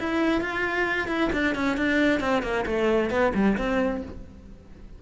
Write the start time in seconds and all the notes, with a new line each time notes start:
0.00 E4
0.42 F4
1.08 E4
1.33 D4
1.56 C#4
1.77 D4
2.21 C4
2.43 A#3
2.66 A3
3.11 B3
3.35 G3
3.58 C4